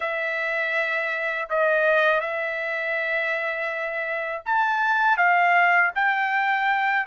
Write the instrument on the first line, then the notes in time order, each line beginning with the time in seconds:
trumpet
0.00 E5
1.49 D#5
2.20 E5
4.45 A5
5.17 F5
5.95 G5